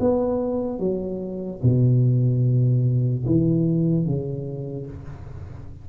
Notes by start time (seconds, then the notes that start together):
0.00 B3
0.79 F#3
1.63 B2
3.26 E3
4.05 C#3